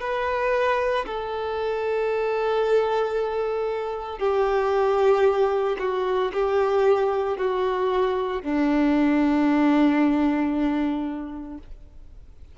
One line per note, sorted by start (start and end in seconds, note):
0.00 1.05 B4
1.06 4.19 A4
4.19 5.77 G4
5.79 6.32 F#4
6.33 7.37 G4
7.37 8.42 F#4
8.42 11.58 D4